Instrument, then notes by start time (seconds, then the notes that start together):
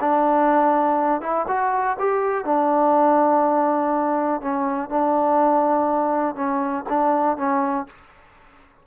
trombone
0.00 D4
1.21 E4
1.47 F#4
1.99 G4
2.45 D4
4.41 C#4
4.90 D4
6.35 C#4
6.89 D4
7.37 C#4